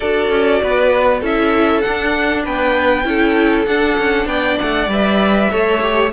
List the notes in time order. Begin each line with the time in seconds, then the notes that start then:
0.00 D4 F#4 A4 D5
0.30 C#4
0.62 B3 B4
1.20 C#4 E4 A4 E5
1.81 D4 F#5
2.44 B3 B4 G5
3.03 C#4 E4 A4
3.65 D4 F#5
3.98 C#4
4.26 B3 D5 G5
4.59 A3 F#5
4.87 G3 B4 E5
5.50 A3 A4 C#5
5.81 G4